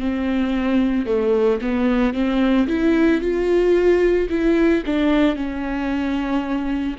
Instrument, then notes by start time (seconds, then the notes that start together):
viola
0.00 C4
1.07 A3
1.62 B3
2.14 C4
2.68 E4
3.22 F4
4.30 E4
4.86 D4
5.36 C#4